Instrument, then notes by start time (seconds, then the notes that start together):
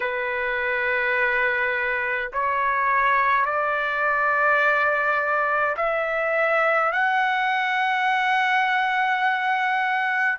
trumpet
0.00 B4
2.32 C#5
3.45 D5
5.76 E5
6.92 F#5